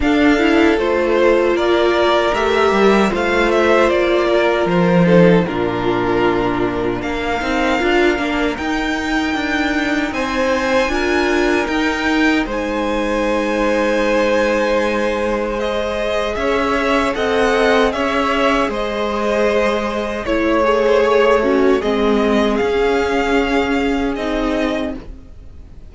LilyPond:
<<
  \new Staff \with { instrumentName = "violin" } { \time 4/4 \tempo 4 = 77 f''4 c''4 d''4 e''4 | f''8 e''8 d''4 c''4 ais'4~ | ais'4 f''2 g''4~ | g''4 gis''2 g''4 |
gis''1 | dis''4 e''4 fis''4 e''4 | dis''2 cis''2 | dis''4 f''2 dis''4 | }
  \new Staff \with { instrumentName = "violin" } { \time 4/4 a'2 ais'2 | c''4. ais'4 a'8 f'4~ | f'4 ais'2.~ | ais'4 c''4 ais'2 |
c''1~ | c''4 cis''4 dis''4 cis''4 | c''2 cis''8. c''16 cis''8 cis'8 | gis'1 | }
  \new Staff \with { instrumentName = "viola" } { \time 4/4 d'8 e'8 f'2 g'4 | f'2~ f'8 dis'8 d'4~ | d'4. dis'8 f'8 d'8 dis'4~ | dis'2 f'4 dis'4~ |
dis'1 | gis'2 a'4 gis'4~ | gis'2 e'8 gis'4 fis'8 | c'4 cis'2 dis'4 | }
  \new Staff \with { instrumentName = "cello" } { \time 4/4 d'4 a4 ais4 a8 g8 | a4 ais4 f4 ais,4~ | ais,4 ais8 c'8 d'8 ais8 dis'4 | d'4 c'4 d'4 dis'4 |
gis1~ | gis4 cis'4 c'4 cis'4 | gis2 a2 | gis4 cis'2 c'4 | }
>>